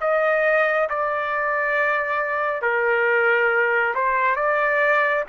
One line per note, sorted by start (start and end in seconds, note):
0.00 0.88 D#5
0.89 2.61 D5
2.61 3.94 A#4
3.94 4.36 C5
4.36 5.24 D5